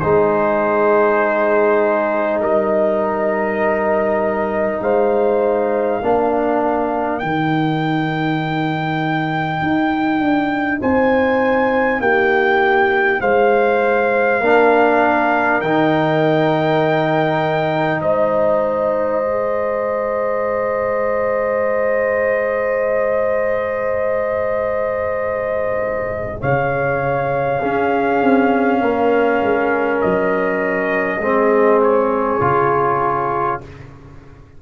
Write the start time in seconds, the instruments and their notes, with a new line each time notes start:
0.00 tuba G#3, trombone D#4, horn G#4, trumpet C5
2.41 tuba G3, horn A#4, trumpet D#5
4.81 tuba G#3, horn C5, trumpet F5
6.01 tuba A#3, trombone D4, horn A#4
7.19 tuba D#3, trombone D#4, trumpet G5
9.62 tuba D#4
10.20 tuba D4
10.81 tuba C4, horn C5, trumpet G#5
12.00 tuba A#3, horn G4, trumpet G5
13.21 tuba G#3, horn C5, trumpet F5
14.41 tuba A#3, trombone D4, horn A#4
15.61 tuba D#3, trombone D#4, trumpet G5
18.01 tuba G#3, horn C5, trumpet D#5
19.23 trombone G#4
26.41 tuba C#3, horn C#5, trumpet F5
27.60 trombone C#4, tuba C#4, horn G#4
28.22 tuba C4
28.81 tuba A#3, horn A#4
29.41 tuba G#3
30.01 tuba F#3, trumpet D#5
31.19 tuba G#3, trombone C4, horn G#4
31.82 trumpet C#5
32.41 tuba C#3, trombone F4